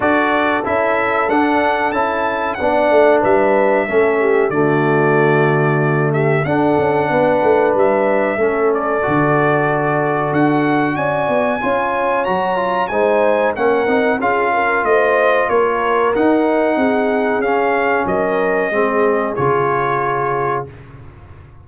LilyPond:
<<
  \new Staff \with { instrumentName = "trumpet" } { \time 4/4 \tempo 4 = 93 d''4 e''4 fis''4 a''4 | fis''4 e''2 d''4~ | d''4. e''8 fis''2 | e''4. d''2~ d''8 |
fis''4 gis''2 ais''4 | gis''4 fis''4 f''4 dis''4 | cis''4 fis''2 f''4 | dis''2 cis''2 | }
  \new Staff \with { instrumentName = "horn" } { \time 4/4 a'1 | d''4 b'4 a'8 g'8 fis'4~ | fis'4. g'8 a'4 b'4~ | b'4 a'2.~ |
a'4 d''4 cis''2 | c''4 ais'4 gis'8 ais'8 c''4 | ais'2 gis'2 | ais'4 gis'2. | }
  \new Staff \with { instrumentName = "trombone" } { \time 4/4 fis'4 e'4 d'4 e'4 | d'2 cis'4 a4~ | a2 d'2~ | d'4 cis'4 fis'2~ |
fis'2 f'4 fis'8 f'8 | dis'4 cis'8 dis'8 f'2~ | f'4 dis'2 cis'4~ | cis'4 c'4 f'2 | }
  \new Staff \with { instrumentName = "tuba" } { \time 4/4 d'4 cis'4 d'4 cis'4 | b8 a8 g4 a4 d4~ | d2 d'8 cis'8 b8 a8 | g4 a4 d2 |
d'4 cis'8 b8 cis'4 fis4 | gis4 ais8 c'8 cis'4 a4 | ais4 dis'4 c'4 cis'4 | fis4 gis4 cis2 | }
>>